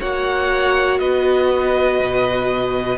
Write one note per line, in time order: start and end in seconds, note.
0.00 1.00 A#3
0.00 2.98 F#4
0.00 1.00 C#5
0.00 1.00 F#5
1.00 2.00 B3
1.00 2.98 B4
1.00 2.98 D#5
2.00 2.98 B2